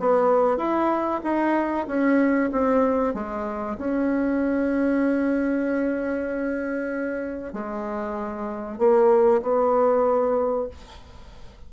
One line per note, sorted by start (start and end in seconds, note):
0.00 0.58 B3
0.58 1.21 E4
1.24 1.87 D#4
1.88 2.51 C#4
2.53 3.14 C4
3.14 3.78 G#3
3.78 7.54 C#4
7.54 8.79 G#3
8.79 9.42 A#3
9.42 10.69 B3